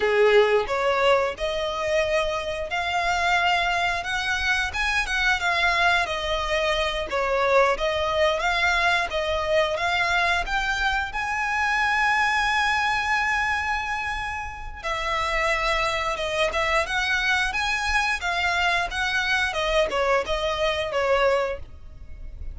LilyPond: \new Staff \with { instrumentName = "violin" } { \time 4/4 \tempo 4 = 89 gis'4 cis''4 dis''2 | f''2 fis''4 gis''8 fis''8 | f''4 dis''4. cis''4 dis''8~ | dis''8 f''4 dis''4 f''4 g''8~ |
g''8 gis''2.~ gis''8~ | gis''2 e''2 | dis''8 e''8 fis''4 gis''4 f''4 | fis''4 dis''8 cis''8 dis''4 cis''4 | }